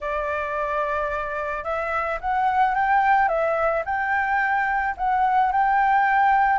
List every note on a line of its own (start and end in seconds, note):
0.00 1.63 D5
1.63 2.18 E5
2.20 2.74 F#5
2.74 3.28 G5
3.28 3.83 E5
3.85 4.95 G5
4.97 5.51 F#5
5.51 6.59 G5